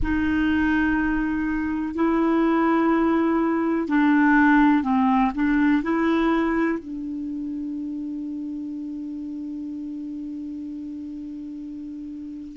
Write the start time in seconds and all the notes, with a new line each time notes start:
0.02 D#4
1.94 E4
3.88 D4
4.83 C4
5.34 D4
5.82 E4
6.78 D4